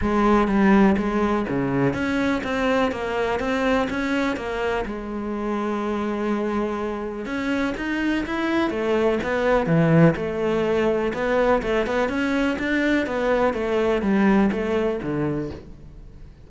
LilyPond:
\new Staff \with { instrumentName = "cello" } { \time 4/4 \tempo 4 = 124 gis4 g4 gis4 cis4 | cis'4 c'4 ais4 c'4 | cis'4 ais4 gis2~ | gis2. cis'4 |
dis'4 e'4 a4 b4 | e4 a2 b4 | a8 b8 cis'4 d'4 b4 | a4 g4 a4 d4 | }